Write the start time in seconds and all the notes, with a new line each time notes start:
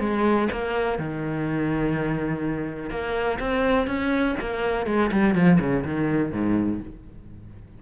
0.00 G#3
0.52 A#3
0.99 D#3
2.90 A#3
3.40 C4
3.87 C#4
4.40 A#3
4.86 G#3
5.11 G3
5.35 F3
5.60 C#3
5.85 D#3
6.32 G#2